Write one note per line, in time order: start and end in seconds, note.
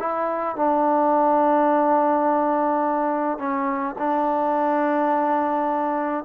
0.00 0.56 E4
0.56 3.39 D4
3.39 3.96 C#4
3.99 6.25 D4